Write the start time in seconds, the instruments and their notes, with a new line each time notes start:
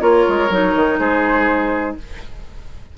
0.00 bassoon A#3, clarinet F4, oboe A#4, flute C#5
0.28 bassoon G#3
0.50 bassoon F#3, clarinet D#4
0.75 bassoon D#3
0.99 bassoon G#3, oboe G#4, flute C5